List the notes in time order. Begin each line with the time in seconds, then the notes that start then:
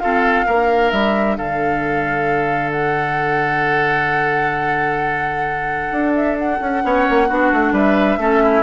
0.00 C4 F4 A4 F5
0.46 A#3 D4 A#4
0.91 G3 E5
1.37 D3 A4 F5
2.72 F#5
5.92 D4
6.16 E5
6.39 F#5
6.60 C#4
6.83 B3 C#4 C#5
7.10 A#3
7.29 B3 D4 F#4
7.53 A3
7.72 G3 B4 E5
8.18 A3 C#4 A4
8.43 E4